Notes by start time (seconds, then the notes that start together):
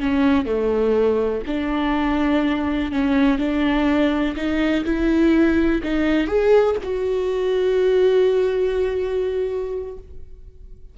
0.00 C#4
0.46 A3
1.47 D4
2.92 C#4
3.39 D4
4.37 D#4
4.85 E4
5.84 D#4
6.27 G#4
6.84 F#4